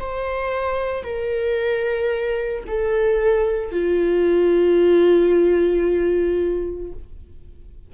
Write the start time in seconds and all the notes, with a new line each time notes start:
0.00 C5
1.04 A#4
2.68 A4
3.72 F4